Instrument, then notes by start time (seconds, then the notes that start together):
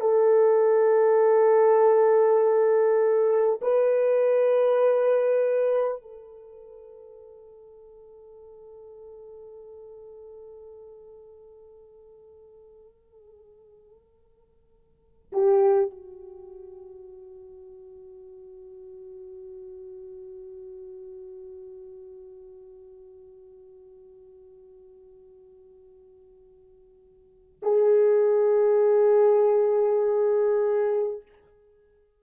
horn
0.00 A4
3.62 B4
6.02 A4
15.32 G4
15.90 F#4
27.62 G#4